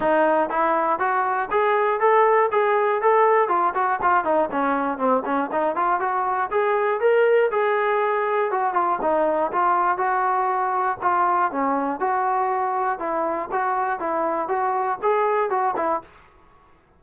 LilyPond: \new Staff \with { instrumentName = "trombone" } { \time 4/4 \tempo 4 = 120 dis'4 e'4 fis'4 gis'4 | a'4 gis'4 a'4 f'8 fis'8 | f'8 dis'8 cis'4 c'8 cis'8 dis'8 f'8 | fis'4 gis'4 ais'4 gis'4~ |
gis'4 fis'8 f'8 dis'4 f'4 | fis'2 f'4 cis'4 | fis'2 e'4 fis'4 | e'4 fis'4 gis'4 fis'8 e'8 | }